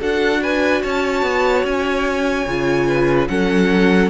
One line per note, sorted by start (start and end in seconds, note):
0.00 0.84 D4
0.00 2.47 F#4
0.00 0.41 A4
0.00 0.43 F#5
0.42 0.82 B4
0.42 0.82 G#5
0.82 1.22 C#4
0.82 2.87 C#5
0.82 1.65 A5
1.22 1.63 B3
1.64 2.46 C#4
1.64 3.28 G#5
2.46 3.28 C#3
2.46 3.28 F4
2.87 3.28 B4
3.28 4.10 F#3
3.28 4.10 C#4
3.28 4.10 A4
3.28 4.10 F#5